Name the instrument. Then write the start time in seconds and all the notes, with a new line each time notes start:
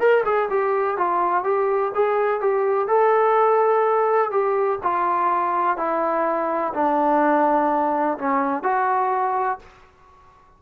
trombone
0.00 A#4
0.25 G#4
0.50 G4
0.98 F4
1.44 G4
1.95 G#4
2.41 G4
2.88 A4
4.31 G4
4.83 F4
5.77 E4
6.74 D4
8.18 C#4
8.63 F#4